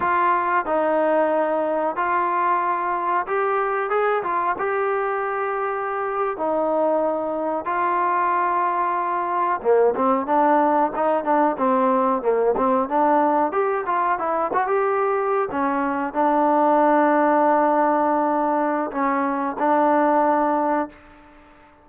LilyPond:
\new Staff \with { instrumentName = "trombone" } { \time 4/4 \tempo 4 = 92 f'4 dis'2 f'4~ | f'4 g'4 gis'8 f'8 g'4~ | g'4.~ g'16 dis'2 f'16~ | f'2~ f'8. ais8 c'8 d'16~ |
d'8. dis'8 d'8 c'4 ais8 c'8 d'16~ | d'8. g'8 f'8 e'8 fis'16 g'4~ g'16 cis'16~ | cis'8. d'2.~ d'16~ | d'4 cis'4 d'2 | }